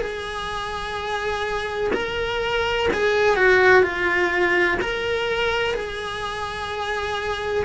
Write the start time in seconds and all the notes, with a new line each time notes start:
0.00 G#4
1.93 A#4
2.93 G#4
3.36 F#4
3.82 F4
4.81 A#4
5.74 G#4